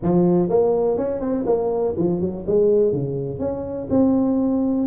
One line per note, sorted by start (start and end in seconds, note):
0.02 0.49 F3
0.49 0.97 A#3
0.97 1.20 C#4
1.20 1.44 C4
1.45 1.94 A#3
1.97 2.20 F3
2.20 2.45 F#3
2.47 2.92 G#3
2.92 3.39 C#3
3.39 3.88 C#4
3.89 4.87 C4